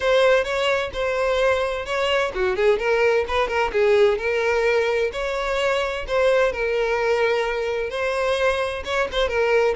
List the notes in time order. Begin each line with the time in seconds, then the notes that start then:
0.00 C5
0.44 C#5
0.93 C5
1.85 C#5
2.34 F#4
2.56 G#4
2.78 A#4
3.28 B4
3.48 A#4
3.72 G#4
4.18 A#4
5.12 C#5
6.07 C5
6.52 A#4
7.90 C5
8.85 C#5
9.12 C5
9.28 A#4